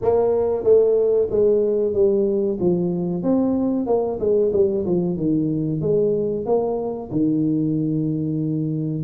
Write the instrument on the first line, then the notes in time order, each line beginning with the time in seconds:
tuba
0.01 A#3
0.63 A3
1.30 G#3
1.93 G3
2.60 F3
3.23 C4
3.86 A#3
4.19 G#3
4.52 G3
4.85 F3
5.16 D#3
5.81 G#3
6.45 A#3
7.11 D#3